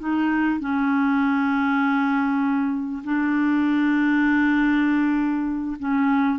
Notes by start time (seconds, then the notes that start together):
0.00 D#4
0.61 C#4
3.04 D4
5.80 C#4